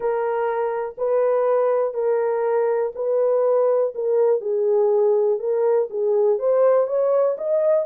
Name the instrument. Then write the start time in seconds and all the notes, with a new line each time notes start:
horn
0.00 A#4
0.97 B4
1.93 A#4
2.95 B4
3.95 A#4
4.40 G#4
5.39 A#4
5.89 G#4
6.38 C5
6.87 C#5
7.37 D#5